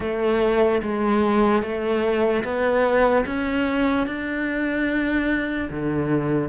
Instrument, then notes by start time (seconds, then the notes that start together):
cello
0.00 A3
0.82 G#3
1.62 A3
2.43 B3
3.25 C#4
4.07 D4
5.70 D3